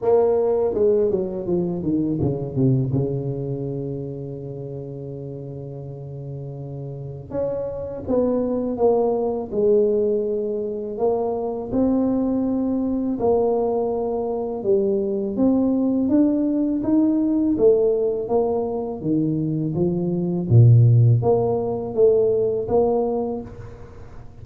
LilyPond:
\new Staff \with { instrumentName = "tuba" } { \time 4/4 \tempo 4 = 82 ais4 gis8 fis8 f8 dis8 cis8 c8 | cis1~ | cis2 cis'4 b4 | ais4 gis2 ais4 |
c'2 ais2 | g4 c'4 d'4 dis'4 | a4 ais4 dis4 f4 | ais,4 ais4 a4 ais4 | }